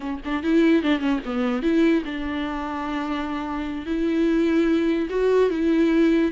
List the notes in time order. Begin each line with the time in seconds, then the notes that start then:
0.00 C#4
0.24 D4
0.43 E4
0.83 D4
0.99 C#4
1.25 B3
1.62 E4
2.04 D4
3.86 E4
5.09 F#4
5.50 E4